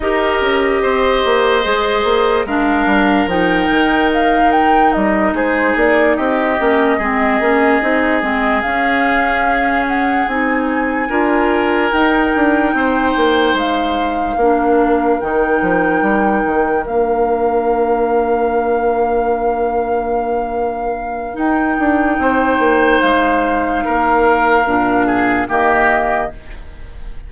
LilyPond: <<
  \new Staff \with { instrumentName = "flute" } { \time 4/4 \tempo 4 = 73 dis''2. f''4 | g''4 f''8 g''8 dis''8 c''8 d''8 dis''8~ | dis''2~ dis''8 f''4. | fis''8 gis''2 g''4.~ |
g''8 f''2 g''4.~ | g''8 f''2.~ f''8~ | f''2 g''2 | f''2. dis''4 | }
  \new Staff \with { instrumentName = "oboe" } { \time 4/4 ais'4 c''2 ais'4~ | ais'2~ ais'8 gis'4 g'8~ | g'8 gis'2.~ gis'8~ | gis'4. ais'2 c''8~ |
c''4. ais'2~ ais'8~ | ais'1~ | ais'2. c''4~ | c''4 ais'4. gis'8 g'4 | }
  \new Staff \with { instrumentName = "clarinet" } { \time 4/4 g'2 gis'4 d'4 | dis'1 | cis'8 c'8 cis'8 dis'8 c'8 cis'4.~ | cis'8 dis'4 f'4 dis'4.~ |
dis'4. d'4 dis'4.~ | dis'8 d'2.~ d'8~ | d'2 dis'2~ | dis'2 d'4 ais4 | }
  \new Staff \with { instrumentName = "bassoon" } { \time 4/4 dis'8 cis'8 c'8 ais8 gis8 ais8 gis8 g8 | f8 dis4. g8 gis8 ais8 c'8 | ais8 gis8 ais8 c'8 gis8 cis'4.~ | cis'8 c'4 d'4 dis'8 d'8 c'8 |
ais8 gis4 ais4 dis8 f8 g8 | dis8 ais2.~ ais8~ | ais2 dis'8 d'8 c'8 ais8 | gis4 ais4 ais,4 dis4 | }
>>